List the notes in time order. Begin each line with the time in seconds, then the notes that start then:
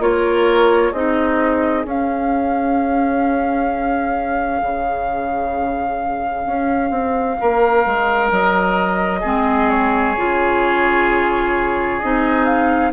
0.00 A#3 F4 A#4 C#5
0.93 C4 D#4 G#4 D#5
1.85 C#4 F5
4.63 C#3
6.47 C#4
6.91 C4
7.41 A#3 A#4
7.86 G#3
8.32 F#3 D#5
9.21 G#3 C4 G#4
9.70 C#5
10.18 C#3 F4
12.00 C4 D#4 D#5
12.46 F5